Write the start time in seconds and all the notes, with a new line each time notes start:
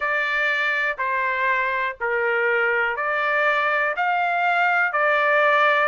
0.00 D5
0.98 C5
2.00 A#4
2.96 D5
3.96 F5
4.92 D5